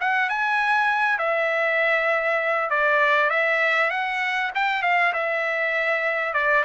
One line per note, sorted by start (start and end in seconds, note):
0.00 0.29 F#5
0.29 1.18 G#5
1.18 2.69 E5
2.70 3.30 D5
3.30 3.90 E5
3.90 4.51 F#5
4.55 4.82 G5
4.82 5.12 F5
5.13 6.33 E5
6.33 6.64 D5